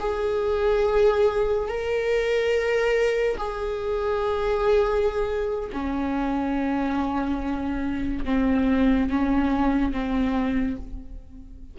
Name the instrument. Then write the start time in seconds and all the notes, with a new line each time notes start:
viola
0.00 G#4
1.68 A#4
3.37 G#4
5.72 C#4
8.25 C4
9.10 C#4
9.92 C4